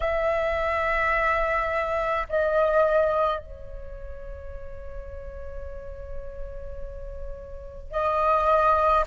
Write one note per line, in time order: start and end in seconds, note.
0.00 2.26 E5
2.29 3.39 D#5
3.39 7.91 C#5
7.91 9.04 D#5